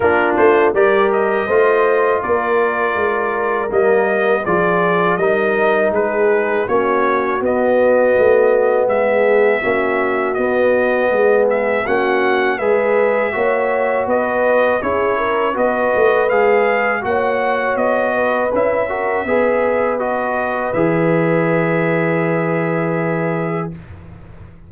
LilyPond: <<
  \new Staff \with { instrumentName = "trumpet" } { \time 4/4 \tempo 4 = 81 ais'8 c''8 d''8 dis''4. d''4~ | d''4 dis''4 d''4 dis''4 | b'4 cis''4 dis''2 | e''2 dis''4. e''8 |
fis''4 e''2 dis''4 | cis''4 dis''4 f''4 fis''4 | dis''4 e''2 dis''4 | e''1 | }
  \new Staff \with { instrumentName = "horn" } { \time 4/4 f'4 ais'4 c''4 ais'4~ | ais'2 gis'4 ais'4 | gis'4 fis'2. | gis'4 fis'2 gis'4 |
fis'4 b'4 cis''4 b'4 | gis'8 ais'8 b'2 cis''4~ | cis''8 b'4 ais'8 b'2~ | b'1 | }
  \new Staff \with { instrumentName = "trombone" } { \time 4/4 d'4 g'4 f'2~ | f'4 ais4 f'4 dis'4~ | dis'4 cis'4 b2~ | b4 cis'4 b2 |
cis'4 gis'4 fis'2 | e'4 fis'4 gis'4 fis'4~ | fis'4 e'8 fis'8 gis'4 fis'4 | gis'1 | }
  \new Staff \with { instrumentName = "tuba" } { \time 4/4 ais8 a8 g4 a4 ais4 | gis4 g4 f4 g4 | gis4 ais4 b4 a4 | gis4 ais4 b4 gis4 |
ais4 gis4 ais4 b4 | cis'4 b8 a8 gis4 ais4 | b4 cis'4 b2 | e1 | }
>>